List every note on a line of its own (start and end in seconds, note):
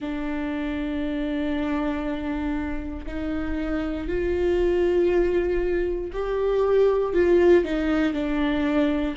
0.00 3.05 D4
3.06 4.07 D#4
4.07 6.11 F4
6.12 7.13 G4
7.13 7.64 F4
7.64 8.13 D#4
8.13 9.14 D4